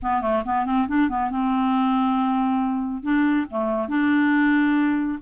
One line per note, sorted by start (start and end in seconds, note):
0.02 0.21 B3
0.21 0.43 A3
0.45 0.65 B3
0.65 0.87 C4
0.88 1.09 D4
1.09 1.30 B3
1.30 3.02 C4
3.02 3.46 D4
3.50 3.88 A3
3.88 5.19 D4